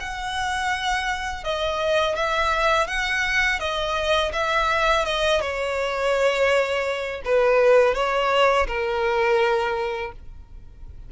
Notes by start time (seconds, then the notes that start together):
0.00 F#5
1.44 D#5
2.16 E5
2.87 F#5
3.59 D#5
4.33 E5
5.05 D#5
5.41 C#5
7.25 B4
7.95 C#5
8.67 A#4